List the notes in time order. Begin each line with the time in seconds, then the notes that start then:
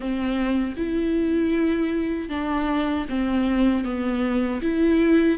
0.00 C4
0.77 E4
2.29 D4
3.09 C4
3.84 B3
4.62 E4